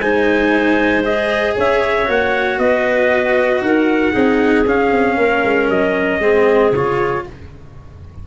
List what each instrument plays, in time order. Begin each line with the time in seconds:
0.00 tuba G#3, cello D#4, clarinet C5, trumpet G#5
1.04 cello G#4, trumpet D#5
1.56 tuba C#4, clarinet C#5, trumpet E5
2.05 tuba A#3, cello F#4, trumpet F#5
2.58 tuba B3, clarinet B4, trumpet D#5
3.61 tuba D#4, clarinet A#4, trumpet F#5
4.13 tuba C4, cello D#4, clarinet G#4
4.66 tuba C#4, cello C#4, trumpet F5
4.92 tuba C4
5.17 tuba A#3, clarinet A#4
5.44 tuba G#3
5.69 tuba F#3, trumpet D#5
6.20 tuba G#3, cello C4, clarinet G#4
6.71 tuba C#3, cello F4, trumpet C#5